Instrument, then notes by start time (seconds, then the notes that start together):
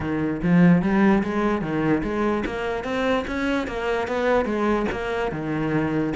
cello
0.00 D#3
0.42 F3
0.81 G3
1.23 G#3
1.61 D#3
2.03 G#3
2.45 A#3
2.83 C4
3.27 C#4
3.67 A#3
4.07 B3
4.45 G#3
4.91 A#3
5.31 D#3